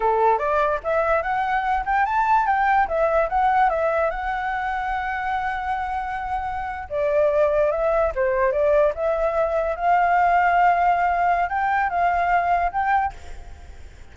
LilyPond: \new Staff \with { instrumentName = "flute" } { \time 4/4 \tempo 4 = 146 a'4 d''4 e''4 fis''4~ | fis''8 g''8 a''4 g''4 e''4 | fis''4 e''4 fis''2~ | fis''1~ |
fis''8. d''2 e''4 c''16~ | c''8. d''4 e''2 f''16~ | f''1 | g''4 f''2 g''4 | }